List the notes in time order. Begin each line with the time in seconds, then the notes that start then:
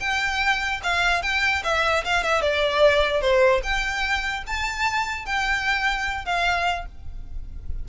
0.00 G5
0.83 F5
1.22 G5
1.64 E5
2.04 F5
2.23 E5
2.41 D5
3.21 C5
3.63 G5
4.47 A5
5.26 G5
6.25 F5